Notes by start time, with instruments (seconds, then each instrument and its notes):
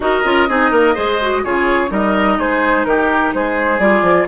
0.00 bassoon D#4, clarinet F#4, oboe A#4, flute D#5
0.24 bassoon C#4, clarinet F4
0.48 bassoon C4, clarinet D#4, oboe G#4
0.71 bassoon A#3, oboe A#4
0.94 bassoon G#3, clarinet G#4, oboe C5
1.21 clarinet F#4
1.44 bassoon C#3, clarinet F4, oboe G#4, flute C#5
1.88 bassoon G3, clarinet D#4, oboe A#4, flute D#5
2.37 bassoon G#3, oboe G#4, flute C5
2.84 bassoon D#3, oboe G4, flute A#4
3.34 bassoon G#3, oboe G#4, flute C5
3.79 bassoon G3, clarinet F4, flute D5
4.02 bassoon F3